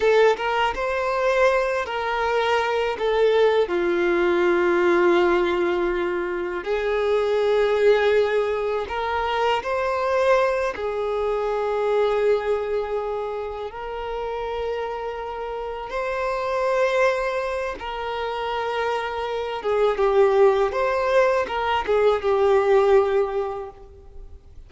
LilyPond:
\new Staff \with { instrumentName = "violin" } { \time 4/4 \tempo 4 = 81 a'8 ais'8 c''4. ais'4. | a'4 f'2.~ | f'4 gis'2. | ais'4 c''4. gis'4.~ |
gis'2~ gis'8 ais'4.~ | ais'4. c''2~ c''8 | ais'2~ ais'8 gis'8 g'4 | c''4 ais'8 gis'8 g'2 | }